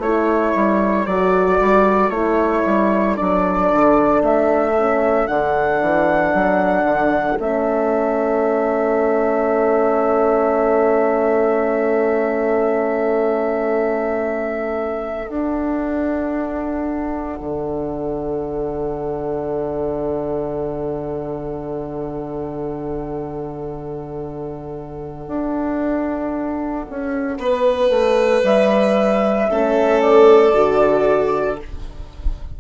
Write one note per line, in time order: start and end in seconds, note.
0.00 0.53 A3
0.00 1.08 E4
0.00 27.37 A4
0.00 1.07 C#5
0.56 1.07 G3
1.07 1.60 F#3
1.07 2.12 F#4
1.07 2.11 D5
1.61 2.10 G3
2.10 2.63 A3
2.10 3.17 E4
2.10 3.16 C#5
2.66 3.19 G3
3.17 3.72 F#3
3.17 4.75 D4
3.17 4.22 D5
3.72 4.23 D3
4.23 5.28 A3
4.23 5.28 E5
4.79 5.28 C#4
5.28 5.82 D3
5.28 7.38 D4
5.28 7.38 F#5
5.82 6.34 E3
6.34 6.84 F#3
6.84 7.37 D3
7.39 15.29 A3
7.39 15.28 C#4
7.39 15.29 E5
15.28 29.49 D4
15.28 17.39 D4
15.28 28.45 F#5
17.41 25.28 D3
25.28 26.86 D4
26.90 27.38 C#4
27.38 27.90 B3
27.38 29.50 B4
27.90 28.43 A3
28.44 29.49 G3
28.44 30.02 E5
29.50 30.54 A3
29.50 30.54 C#4
29.50 31.61 A4
30.02 31.60 D5
30.54 31.59 D3
30.54 31.59 F#4